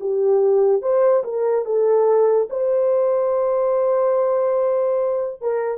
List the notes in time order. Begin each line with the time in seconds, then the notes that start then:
0.00 G4
0.81 C5
1.23 A#4
1.65 A4
2.50 C5
5.41 A#4